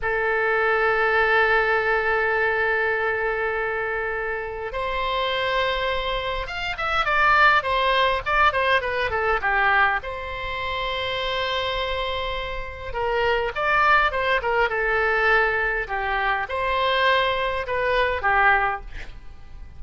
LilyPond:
\new Staff \with { instrumentName = "oboe" } { \time 4/4 \tempo 4 = 102 a'1~ | a'1 | c''2. f''8 e''8 | d''4 c''4 d''8 c''8 b'8 a'8 |
g'4 c''2.~ | c''2 ais'4 d''4 | c''8 ais'8 a'2 g'4 | c''2 b'4 g'4 | }